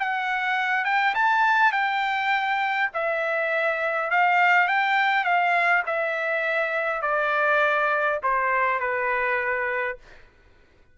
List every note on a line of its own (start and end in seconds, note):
0.00 0.85 F#5
0.85 1.14 G5
1.15 1.72 A5
1.72 2.90 G5
2.94 4.11 E5
4.11 4.68 F5
4.68 5.25 G5
5.25 5.83 F5
5.87 7.02 E5
7.02 8.20 D5
8.24 8.80 C5
8.80 9.98 B4